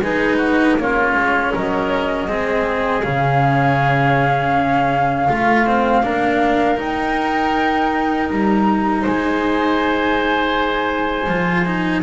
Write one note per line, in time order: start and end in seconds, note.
0.00 0.75 G#3
0.00 0.79 D#4
0.00 0.38 G#4
0.00 0.78 B4
0.38 0.75 F#4
0.79 1.15 A#3
0.79 2.28 C#4
0.79 1.54 F4
0.79 1.55 C#5
1.15 1.53 G#3
1.54 2.28 F#3
1.54 2.29 A#4
1.54 3.04 D#5
2.28 3.03 G#3
2.28 3.03 C4
2.28 5.28 G#4
3.03 5.29 C#3
3.03 5.28 C#4
3.03 6.79 F5
5.28 6.04 A3
5.28 6.03 F4
5.28 5.67 F4
5.67 6.03 C4
6.03 6.79 A#3
6.03 6.76 D4
6.03 9.02 A#4
6.76 11.26 D#4
6.76 8.30 D#4
6.76 8.30 G5
8.30 9.05 G3
8.30 9.04 A#5
9.02 11.29 G#3
9.02 12.02 C5
9.02 12.03 G#5
11.29 12.03 F3
11.29 11.66 F4
11.66 12.03 D#4